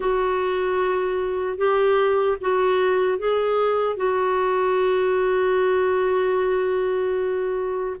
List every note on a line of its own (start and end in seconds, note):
0.00 1.57 F#4
1.57 2.37 G4
2.40 3.18 F#4
3.18 3.96 G#4
3.96 7.96 F#4